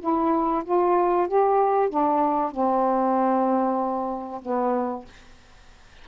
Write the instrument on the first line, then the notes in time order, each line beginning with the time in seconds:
saxophone
0.00 E4
0.64 F4
1.27 G4
1.89 D4
2.51 C4
4.41 B3